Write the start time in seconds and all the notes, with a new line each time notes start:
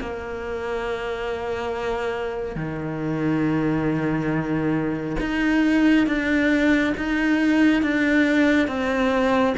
0.00 A#3
2.55 D#3
5.19 D#4
6.06 D4
6.97 D#4
7.82 D4
8.67 C4